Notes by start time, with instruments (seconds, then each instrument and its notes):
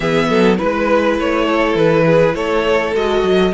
0.00 cello E3, viola B3, violin G#4 E5
0.29 cello F#3, violin A4
0.57 cello G#3, viola E4, violin B4
1.18 cello A3, violin C#5
1.45 violin A4
1.74 cello E3, violin B4
2.05 violin G#4
2.34 cello A3, violin A4 C#5
2.94 cello G#3, viola F#4, violin D#5
3.23 cello F#3